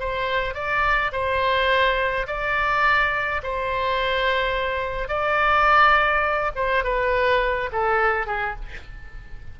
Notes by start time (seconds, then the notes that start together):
0.00 C5
0.54 D5
1.12 C5
2.27 D5
3.43 C5
5.09 D5
6.56 C5
6.84 B4
7.72 A4
8.27 G#4